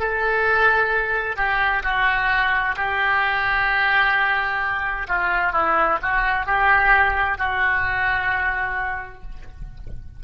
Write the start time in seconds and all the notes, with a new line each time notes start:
0.00 A4
1.37 G4
1.84 F#4
2.77 G4
5.09 F4
5.53 E4
6.03 F#4
6.46 G4
7.38 F#4